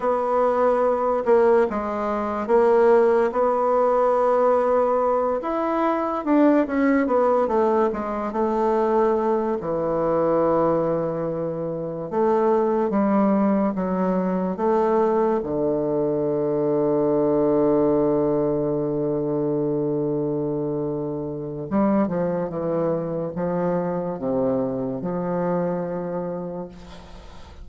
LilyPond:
\new Staff \with { instrumentName = "bassoon" } { \time 4/4 \tempo 4 = 72 b4. ais8 gis4 ais4 | b2~ b8 e'4 d'8 | cis'8 b8 a8 gis8 a4. e8~ | e2~ e8 a4 g8~ |
g8 fis4 a4 d4.~ | d1~ | d2 g8 f8 e4 | f4 c4 f2 | }